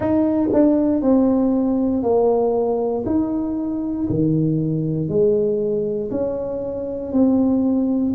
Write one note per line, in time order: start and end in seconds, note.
0.00 0.49 D#4
0.53 1.01 D4
1.01 2.02 C4
2.02 3.04 A#3
3.06 4.07 D#4
4.09 5.08 D#3
5.08 6.10 G#3
6.11 7.12 C#4
7.12 8.14 C4